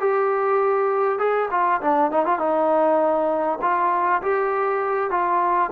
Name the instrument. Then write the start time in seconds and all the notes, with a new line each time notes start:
trombone
0.00 G4
1.19 G#4
1.51 F4
1.81 D4
2.11 D#4
2.26 F4
2.39 D#4
3.62 F4
4.22 G4
5.11 F4